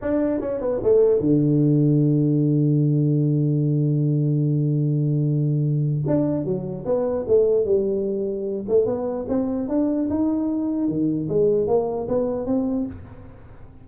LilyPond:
\new Staff \with { instrumentName = "tuba" } { \time 4/4 \tempo 4 = 149 d'4 cis'8 b8 a4 d4~ | d1~ | d1~ | d2. d'4 |
fis4 b4 a4 g4~ | g4. a8 b4 c'4 | d'4 dis'2 dis4 | gis4 ais4 b4 c'4 | }